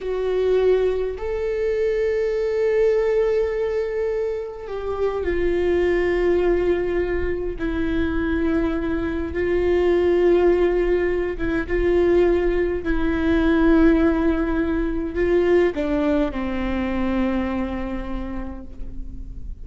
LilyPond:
\new Staff \with { instrumentName = "viola" } { \time 4/4 \tempo 4 = 103 fis'2 a'2~ | a'1 | g'4 f'2.~ | f'4 e'2. |
f'2.~ f'8 e'8 | f'2 e'2~ | e'2 f'4 d'4 | c'1 | }